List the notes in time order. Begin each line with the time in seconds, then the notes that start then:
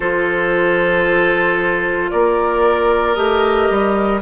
0.00 F3 F4 A4 C5
2.10 A#3 A#4 D5
3.14 A3 G4 D#5
3.70 G3